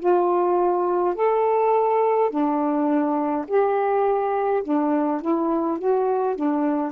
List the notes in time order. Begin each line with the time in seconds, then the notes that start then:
0.00 F4
1.15 A4
2.30 D4
3.48 G4
4.64 D4
5.21 E4
5.78 F#4
6.36 D4